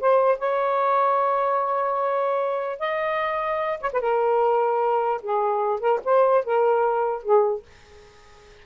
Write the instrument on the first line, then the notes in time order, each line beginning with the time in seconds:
saxophone
0.00 C5
0.38 C#5
2.79 D#5
3.81 C#5
3.93 B4
4.00 A#4
5.22 G#4
5.80 A#4
6.05 C5
6.45 A#4
7.23 G#4